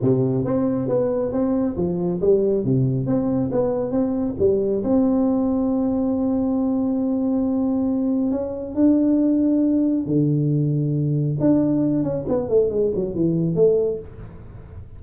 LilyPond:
\new Staff \with { instrumentName = "tuba" } { \time 4/4 \tempo 4 = 137 c4 c'4 b4 c'4 | f4 g4 c4 c'4 | b4 c'4 g4 c'4~ | c'1~ |
c'2. cis'4 | d'2. d4~ | d2 d'4. cis'8 | b8 a8 gis8 fis8 e4 a4 | }